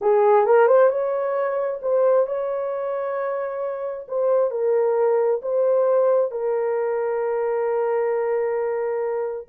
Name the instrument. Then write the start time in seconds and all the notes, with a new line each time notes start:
horn
0.01 G#4
0.46 A#4
0.67 C5
0.89 C#5
1.82 C5
2.26 C#5
4.08 C5
4.51 A#4
5.42 C5
6.31 A#4